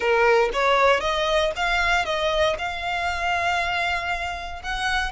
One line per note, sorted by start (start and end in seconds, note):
0.00 0.50 A#4
0.53 1.00 C#5
1.00 1.51 D#5
1.55 2.05 F5
2.05 2.56 D#5
2.58 4.62 F5
4.62 5.11 F#5